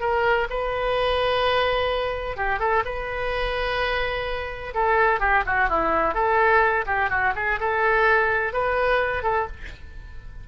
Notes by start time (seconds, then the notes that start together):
0.00 A#4
0.50 B4
2.36 G4
2.59 A4
2.85 B4
4.74 A4
5.20 G4
5.46 F#4
5.69 E4
6.14 A4
6.86 G4
7.10 F#4
7.36 G#4
7.59 A4
8.53 B4
9.23 A4